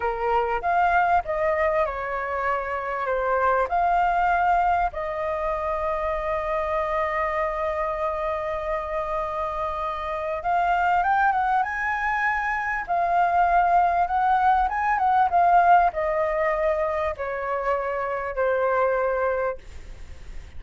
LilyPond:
\new Staff \with { instrumentName = "flute" } { \time 4/4 \tempo 4 = 98 ais'4 f''4 dis''4 cis''4~ | cis''4 c''4 f''2 | dis''1~ | dis''1~ |
dis''4 f''4 g''8 fis''8 gis''4~ | gis''4 f''2 fis''4 | gis''8 fis''8 f''4 dis''2 | cis''2 c''2 | }